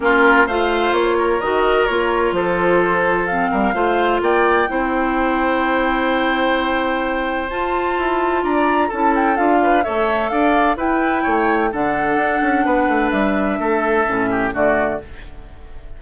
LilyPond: <<
  \new Staff \with { instrumentName = "flute" } { \time 4/4 \tempo 4 = 128 ais'4 f''4 cis''4 dis''4 | cis''4 c''2 f''4~ | f''4 g''2.~ | g''1 |
a''2 ais''4 a''8 g''8 | f''4 e''4 f''4 g''4~ | g''4 fis''2. | e''2. d''4 | }
  \new Staff \with { instrumentName = "oboe" } { \time 4/4 f'4 c''4. ais'4.~ | ais'4 a'2~ a'8 ais'8 | c''4 d''4 c''2~ | c''1~ |
c''2 d''4 a'4~ | a'8 b'8 cis''4 d''4 b'4 | cis''4 a'2 b'4~ | b'4 a'4. g'8 fis'4 | }
  \new Staff \with { instrumentName = "clarinet" } { \time 4/4 cis'4 f'2 fis'4 | f'2. c'4 | f'2 e'2~ | e'1 |
f'2. e'4 | f'4 a'2 e'4~ | e'4 d'2.~ | d'2 cis'4 a4 | }
  \new Staff \with { instrumentName = "bassoon" } { \time 4/4 ais4 a4 ais4 dis4 | ais4 f2~ f8 g8 | a4 ais4 c'2~ | c'1 |
f'4 e'4 d'4 cis'4 | d'4 a4 d'4 e'4 | a4 d4 d'8 cis'8 b8 a8 | g4 a4 a,4 d4 | }
>>